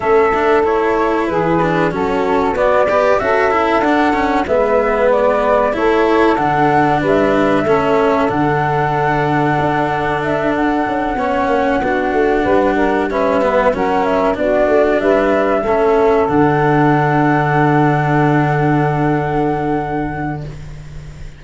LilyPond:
<<
  \new Staff \with { instrumentName = "flute" } { \time 4/4 \tempo 4 = 94 e''4 cis''4 b'4 a'4 | d''4 e''4 fis''4 e''4 | d''4 cis''4 fis''4 e''4~ | e''4 fis''2. |
e''8 fis''2.~ fis''8~ | fis''8 e''4 fis''8 e''8 d''4 e''8~ | e''4. fis''2~ fis''8~ | fis''1 | }
  \new Staff \with { instrumentName = "saxophone" } { \time 4/4 a'2 gis'4 fis'4~ | fis'8 b'8 a'2 b'4~ | b'4 a'2 b'4 | a'1~ |
a'4. cis''4 fis'4 b'8 | ais'8 b'4 ais'4 fis'4 b'8~ | b'8 a'2.~ a'8~ | a'1 | }
  \new Staff \with { instrumentName = "cello" } { \time 4/4 cis'8 d'8 e'4. d'8 cis'4 | b8 g'8 fis'8 e'8 d'8 cis'8 b4~ | b4 e'4 d'2 | cis'4 d'2.~ |
d'4. cis'4 d'4.~ | d'8 cis'8 b8 cis'4 d'4.~ | d'8 cis'4 d'2~ d'8~ | d'1 | }
  \new Staff \with { instrumentName = "tuba" } { \time 4/4 a2 e4 fis4 | b4 cis'4 d'4 gis4~ | gis4 a4 d4 g4 | a4 d2 d'4~ |
d'4 cis'8 b8 ais8 b8 a8 g8~ | g4. fis4 b8 a8 g8~ | g8 a4 d2~ d8~ | d1 | }
>>